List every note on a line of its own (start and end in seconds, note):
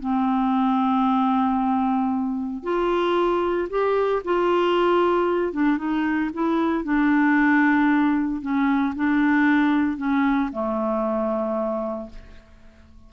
0.00 2.63 C4
2.63 3.69 F4
3.70 4.22 G4
4.24 5.53 F4
5.53 5.78 D4
5.78 6.30 D#4
6.33 6.84 E4
6.84 8.42 D4
8.42 8.94 C#4
8.96 9.98 D4
9.98 10.50 C#4
10.52 12.10 A3